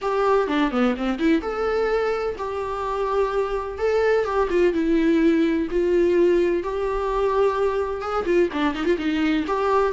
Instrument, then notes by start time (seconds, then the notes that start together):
viola
0.01 G4
0.47 D4
0.71 B3
0.96 C4
1.19 E4
1.41 A4
2.38 G4
3.78 A4
4.24 G4
4.49 F4
4.73 E4
5.70 F4
6.63 G4
8.01 G#4
8.25 F4
8.52 D4
8.74 D#4
8.85 F4
8.98 D#4
9.47 G4